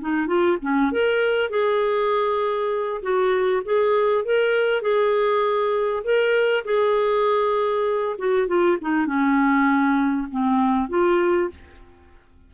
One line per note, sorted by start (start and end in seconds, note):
0.00 0.26 D#4
0.26 0.57 F4
0.61 0.91 C#4
0.91 1.50 A#4
1.50 3.01 G#4
3.02 3.62 F#4
3.64 4.25 G#4
4.25 4.81 A#4
4.81 6.02 G#4
6.03 6.64 A#4
6.64 8.16 G#4
8.18 8.47 F#4
8.47 8.77 F4
8.80 9.06 D#4
9.06 10.27 C#4
10.31 10.89 C4
10.89 11.49 F4